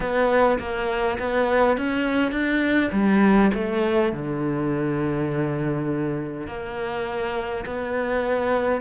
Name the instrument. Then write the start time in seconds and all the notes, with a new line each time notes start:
cello
0.00 B3
0.59 A#3
1.18 B3
1.77 C#4
2.31 D4
2.92 G3
3.54 A3
4.12 D3
6.47 A#3
7.66 B3